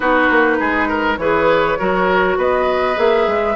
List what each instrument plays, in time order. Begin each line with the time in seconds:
0.00 bassoon B3, clarinet D#4, oboe F#4, flute B4
0.30 bassoon A#3
0.59 bassoon G#3, oboe G#4
0.88 oboe A#4
1.17 bassoon E3, clarinet G#4, oboe B4, flute C#5
1.79 bassoon F#3, clarinet F#4, oboe A#4
2.37 bassoon B3, oboe B4, flute D#5
2.95 bassoon A#3, clarinet G#4, flute E5
3.27 bassoon G#3